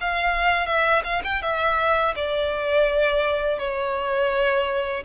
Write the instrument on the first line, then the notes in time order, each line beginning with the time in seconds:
violin
0.00 F5
0.66 E5
1.04 F5
1.24 G5
1.42 E5
2.15 D5
3.59 C#5